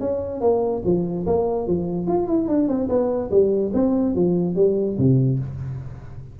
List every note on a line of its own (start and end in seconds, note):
0.00 0.41 C#4
0.41 0.82 A#3
0.84 1.26 F3
1.26 1.67 A#3
1.67 2.07 F3
2.07 2.28 F4
2.28 2.48 E4
2.48 2.68 D4
2.68 2.88 C4
2.89 3.30 B3
3.30 3.72 G3
3.73 4.15 C4
4.15 4.56 F3
4.56 4.97 G3
4.98 5.39 C3